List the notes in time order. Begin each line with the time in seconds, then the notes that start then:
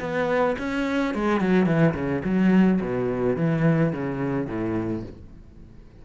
0.00 B3
0.59 C#4
1.14 G#3
1.40 F#3
1.66 E3
1.94 C#3
2.25 F#3
2.81 B2
3.37 E3
3.93 C#3
4.47 A2